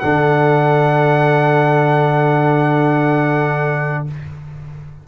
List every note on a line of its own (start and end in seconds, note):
0.00 4.07 D3
0.00 4.07 D4
0.00 4.05 A4
0.00 4.04 F#5